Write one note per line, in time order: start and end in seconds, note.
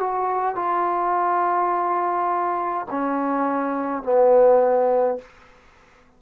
0.00 0.56 F#4
0.56 2.86 F4
2.91 4.03 C#4
4.03 5.18 B3